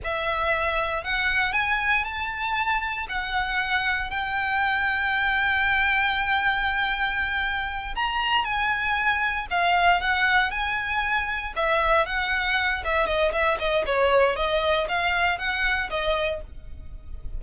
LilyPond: \new Staff \with { instrumentName = "violin" } { \time 4/4 \tempo 4 = 117 e''2 fis''4 gis''4 | a''2 fis''2 | g''1~ | g''2.~ g''8 ais''8~ |
ais''8 gis''2 f''4 fis''8~ | fis''8 gis''2 e''4 fis''8~ | fis''4 e''8 dis''8 e''8 dis''8 cis''4 | dis''4 f''4 fis''4 dis''4 | }